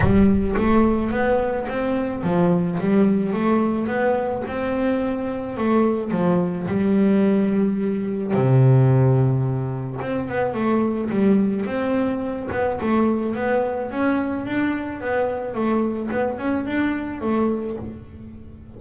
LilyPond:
\new Staff \with { instrumentName = "double bass" } { \time 4/4 \tempo 4 = 108 g4 a4 b4 c'4 | f4 g4 a4 b4 | c'2 a4 f4 | g2. c4~ |
c2 c'8 b8 a4 | g4 c'4. b8 a4 | b4 cis'4 d'4 b4 | a4 b8 cis'8 d'4 a4 | }